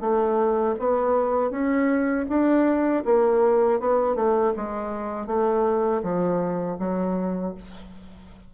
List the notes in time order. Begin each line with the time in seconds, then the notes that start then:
0.00 A3
0.79 B3
1.51 C#4
2.29 D4
3.05 A#3
3.80 B3
4.16 A3
4.56 G#3
5.27 A3
6.02 F3
6.79 F#3